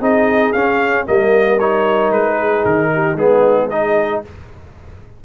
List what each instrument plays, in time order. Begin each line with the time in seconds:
0.00 tuba C4, trombone D#4, horn G#4, trumpet D#5
0.53 trombone C#4, tuba C#4, trumpet F5
1.07 tuba G3, trombone A#3, horn A#4, trumpet D#5
1.60 trombone D#4, trumpet C#5
2.11 tuba G#3, trumpet B4
2.38 horn G#4
2.65 tuba D#3, trumpet A#4
2.94 horn G4
3.16 tuba G#3, trombone B3, horn D#4, trumpet G#4
3.70 trombone D#4, horn G#4, trumpet D#5